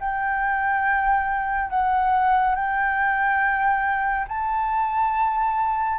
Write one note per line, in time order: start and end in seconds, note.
0.00 1.70 G5
1.70 2.55 F#5
2.55 4.27 G5
4.28 5.99 A5